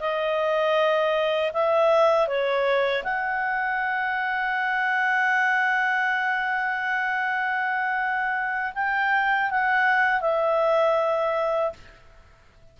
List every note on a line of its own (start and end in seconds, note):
0.00 1.52 D#5
1.54 2.28 E5
2.28 3.04 C#5
3.04 8.73 F#5
8.75 9.51 G5
9.51 10.22 F#5
10.22 11.73 E5